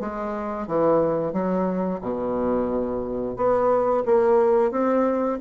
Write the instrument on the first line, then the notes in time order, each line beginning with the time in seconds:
bassoon
0.00 G#3
0.67 E3
1.33 F#3
2.01 B2
3.36 B3
4.06 A#3
4.71 C4